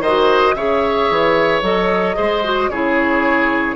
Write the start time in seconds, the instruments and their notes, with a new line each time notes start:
0.00 bassoon D#3, clarinet F#4, oboe C5, flute D#5
0.54 bassoon C#3, clarinet G#4, oboe C#5, flute E5
1.10 bassoon E3
1.62 bassoon F#3, clarinet A4, flute D#5
2.15 bassoon G#3, clarinet G#4, oboe C5
2.43 clarinet F#4
2.69 bassoon C#3, clarinet E4, oboe G#4, flute C#5